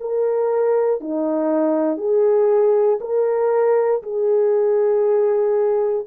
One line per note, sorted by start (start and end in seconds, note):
0.00 1.00 A#4
1.00 1.97 D#4
1.97 2.99 G#4
3.00 4.02 A#4
4.02 6.06 G#4